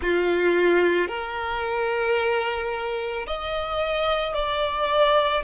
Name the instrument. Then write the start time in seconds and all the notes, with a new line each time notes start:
violin
0.01 F4
1.08 A#4
3.26 D#5
4.33 D5